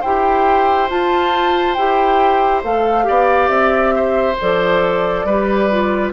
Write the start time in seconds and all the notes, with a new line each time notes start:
0.00 E4 G4 C5 G5
0.89 F4 A5
1.74 E4 G4 G5
2.63 A3 A4 F5
3.03 B3 G4 D5
3.48 C4 E5
3.95 C5
4.40 F3 A4 D5
5.24 G3 G4 B4
5.70 F4